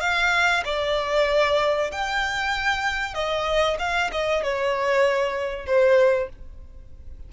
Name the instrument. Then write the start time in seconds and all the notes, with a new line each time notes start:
violin
0.00 F5
0.65 D5
1.91 G5
3.14 D#5
3.79 F5
4.12 D#5
4.43 C#5
5.66 C5